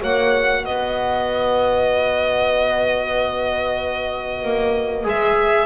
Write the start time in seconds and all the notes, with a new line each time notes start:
0.00 A#3 F#4 C#5 F#5
0.61 B3 B4 D#5
4.43 A#3
5.03 G#3 G#4 E5